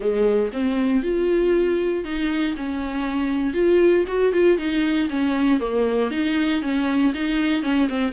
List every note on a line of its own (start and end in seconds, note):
0.00 0.51 G#3
0.52 1.03 C4
1.03 2.04 F4
2.04 2.55 D#4
2.56 3.53 C#4
3.53 4.04 F4
4.07 4.32 F#4
4.32 4.58 F4
4.58 5.08 D#4
5.09 5.59 C#4
5.59 6.10 A#3
6.11 6.61 D#4
6.62 7.13 C#4
7.13 7.62 D#4
7.62 7.88 C#4
7.88 8.12 C4